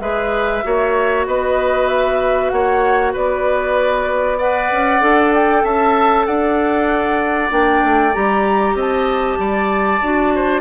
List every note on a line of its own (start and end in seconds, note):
0.00 0.62 G#3
0.00 0.63 G#4
0.00 0.64 B4
0.00 1.25 E5
0.63 1.26 A#3
0.63 4.38 F#4
0.63 1.27 C#5
1.26 2.51 B3
1.26 2.52 B4
1.26 1.88 D#5
1.88 2.49 E5
2.49 3.14 A#3
2.49 3.13 C#5
2.49 3.12 F#5
3.13 4.71 B3
3.13 4.38 B4
3.13 4.39 D5
4.38 5.01 B4
4.38 5.63 D5
4.38 5.33 F#5
4.72 5.02 C#4
5.01 5.64 D4
5.01 7.50 A4
5.34 5.64 G5
5.64 6.26 C#4
5.64 6.26 E5
5.64 6.26 A5
6.26 7.51 D4
6.26 8.75 D5
6.26 7.51 F#5
7.50 7.83 A#3
7.50 8.12 D4
7.50 8.14 G5
7.84 8.15 A3
8.13 8.75 G3
8.13 10.01 G4
8.13 8.76 A#5
8.75 9.37 C4
8.75 9.38 D#5
8.75 10.61 A5
9.39 10.01 G3
9.39 10.34 D5
10.01 10.61 D4
10.01 10.61 F#4
10.35 10.61 C5